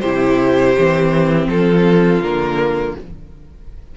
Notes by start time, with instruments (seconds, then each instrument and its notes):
0.00 cello C3, viola E4, violin G4 C5
0.77 cello E3, viola C4
1.48 cello F3, violin F4 A4
2.21 cello D3, viola A#3, violin A#4